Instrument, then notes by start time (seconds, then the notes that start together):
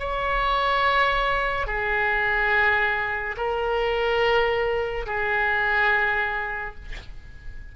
oboe
0.00 C#5
1.67 G#4
3.37 A#4
5.07 G#4